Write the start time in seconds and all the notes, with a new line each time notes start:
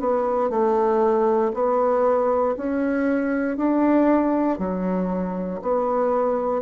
0.00 B3
0.50 A3
1.54 B3
2.57 C#4
3.57 D4
4.59 F#3
5.62 B3